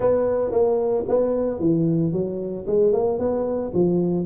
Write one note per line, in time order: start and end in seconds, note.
0.00 0.51 B3
0.51 1.04 A#3
1.08 1.59 B3
1.59 2.12 E3
2.12 2.65 F#3
2.66 2.92 G#3
2.92 3.18 A#3
3.19 3.72 B3
3.73 4.25 F3